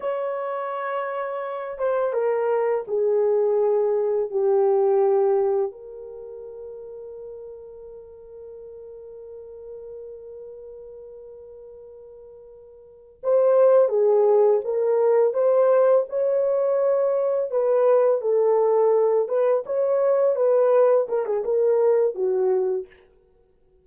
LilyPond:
\new Staff \with { instrumentName = "horn" } { \time 4/4 \tempo 4 = 84 cis''2~ cis''8 c''8 ais'4 | gis'2 g'2 | ais'1~ | ais'1~ |
ais'2~ ais'8 c''4 gis'8~ | gis'8 ais'4 c''4 cis''4.~ | cis''8 b'4 a'4. b'8 cis''8~ | cis''8 b'4 ais'16 gis'16 ais'4 fis'4 | }